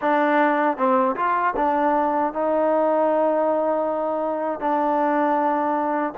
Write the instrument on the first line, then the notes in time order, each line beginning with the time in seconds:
trombone
0.01 D4
0.77 C4
1.16 F4
1.56 D4
2.33 D#4
4.59 D4